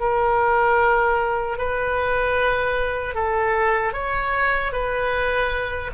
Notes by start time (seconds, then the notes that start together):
0.00 A#4
1.58 B4
3.15 A4
3.93 C#5
4.73 B4